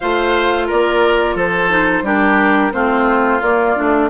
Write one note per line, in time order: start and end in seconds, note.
0.00 0.71 A3
0.00 1.69 F4
0.00 0.67 C5
0.00 0.68 F5
0.67 1.35 A#3
0.67 1.35 A#4
0.67 1.37 D5
1.35 2.02 F3
1.35 2.03 A4
1.35 2.06 C5
1.69 2.03 D#4
2.02 2.70 G3
2.02 2.72 D4
2.02 2.73 G4
2.02 2.73 A#4
2.72 3.41 A3
2.72 3.40 C4
2.72 4.09 F4
2.72 3.41 C5
3.41 3.75 A#3
3.41 4.09 D5
3.75 4.09 A3
3.75 4.09 D4